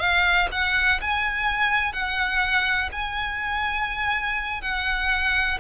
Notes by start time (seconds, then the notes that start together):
0.00 F5
0.52 F#5
1.02 G#5
1.94 F#5
2.93 G#5
4.62 F#5